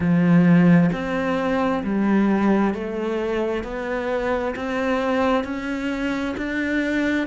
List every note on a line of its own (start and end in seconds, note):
0.00 0.90 F3
0.92 1.83 C4
1.83 2.74 G3
2.74 3.63 A3
3.63 4.54 B3
4.55 5.44 C4
5.44 6.35 C#4
6.37 7.27 D4